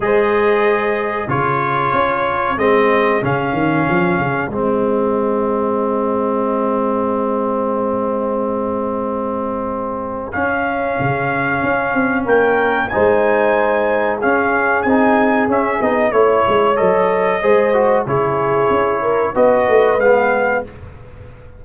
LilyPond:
<<
  \new Staff \with { instrumentName = "trumpet" } { \time 4/4 \tempo 4 = 93 dis''2 cis''2 | dis''4 f''2 dis''4~ | dis''1~ | dis''1 |
f''2. g''4 | gis''2 f''4 gis''4 | e''8 dis''8 cis''4 dis''2 | cis''2 dis''4 f''4 | }
  \new Staff \with { instrumentName = "horn" } { \time 4/4 c''2 gis'2~ | gis'1~ | gis'1~ | gis'1~ |
gis'2. ais'4 | c''2 gis'2~ | gis'4 cis''2 c''4 | gis'4. ais'8 b'2 | }
  \new Staff \with { instrumentName = "trombone" } { \time 4/4 gis'2 f'2 | c'4 cis'2 c'4~ | c'1~ | c'1 |
cis'1 | dis'2 cis'4 dis'4 | cis'8 dis'8 e'4 a'4 gis'8 fis'8 | e'2 fis'4 b4 | }
  \new Staff \with { instrumentName = "tuba" } { \time 4/4 gis2 cis4 cis'4 | gis4 cis8 dis8 f8 cis8 gis4~ | gis1~ | gis1 |
cis'4 cis4 cis'8 c'8 ais4 | gis2 cis'4 c'4 | cis'8 b8 a8 gis8 fis4 gis4 | cis4 cis'4 b8 a8 gis4 | }
>>